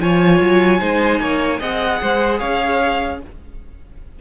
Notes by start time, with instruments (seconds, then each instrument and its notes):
0.00 cello F3, viola F4, violin C#5 G#5
0.41 cello F#3
0.80 cello G#3, viola D#4, violin C5
1.20 cello A#3, violin C#5
1.60 cello C4, viola G#4, violin D#5 F#5
2.02 cello G#3, violin C5
2.40 cello C#4, violin C#5 F5